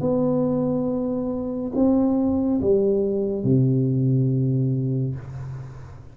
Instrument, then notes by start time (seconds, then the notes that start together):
tuba
0.00 B3
1.75 C4
2.61 G3
3.44 C3